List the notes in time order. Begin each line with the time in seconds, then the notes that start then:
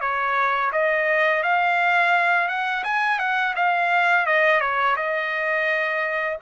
0.00 C#5
0.72 D#5
1.42 F5
2.48 F#5
2.83 G#5
3.19 F#5
3.56 F5
4.26 D#5
4.60 C#5
4.96 D#5